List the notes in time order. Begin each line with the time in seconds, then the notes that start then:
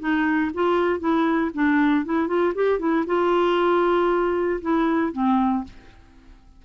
0.00 D#4
0.54 F4
1.00 E4
1.54 D4
2.05 E4
2.28 F4
2.55 G4
2.79 E4
3.07 F4
4.62 E4
5.13 C4